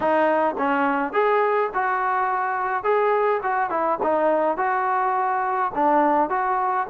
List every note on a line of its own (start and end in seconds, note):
0.00 0.55 D#4
0.57 1.12 C#4
1.12 1.70 G#4
1.74 2.83 F#4
2.83 3.40 G#4
3.42 3.70 F#4
3.70 3.98 E4
4.02 4.57 D#4
4.57 5.71 F#4
5.75 6.29 D4
6.29 6.86 F#4